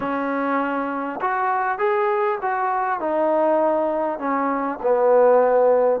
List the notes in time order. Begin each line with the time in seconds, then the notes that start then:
0.00 C#4
1.21 F#4
1.78 G#4
2.41 F#4
3.00 D#4
4.18 C#4
4.82 B3